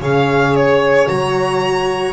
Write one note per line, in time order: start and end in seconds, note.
0.00 1.07 C#3
0.00 1.08 G#4
0.00 2.12 C#5
0.00 0.56 F5
0.56 1.08 C#5
1.08 2.12 F#3
1.08 2.12 F#4
1.08 2.12 A#5